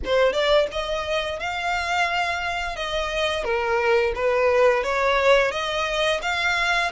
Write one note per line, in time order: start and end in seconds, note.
0.05 0.33 C5
0.33 0.67 D5
0.71 1.39 D#5
1.39 2.76 F5
2.76 3.44 D#5
3.44 4.13 A#4
4.15 4.83 B4
4.83 5.51 C#5
5.51 6.20 D#5
6.22 6.91 F5